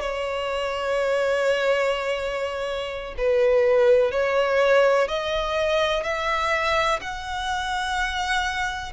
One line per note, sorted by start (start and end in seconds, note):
0.00 3.15 C#5
3.17 4.11 B4
4.11 5.08 C#5
5.08 6.03 D#5
6.03 6.99 E5
7.00 8.92 F#5